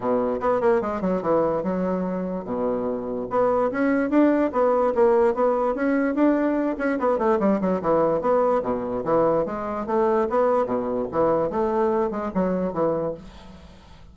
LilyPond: \new Staff \with { instrumentName = "bassoon" } { \time 4/4 \tempo 4 = 146 b,4 b8 ais8 gis8 fis8 e4 | fis2 b,2 | b4 cis'4 d'4 b4 | ais4 b4 cis'4 d'4~ |
d'8 cis'8 b8 a8 g8 fis8 e4 | b4 b,4 e4 gis4 | a4 b4 b,4 e4 | a4. gis8 fis4 e4 | }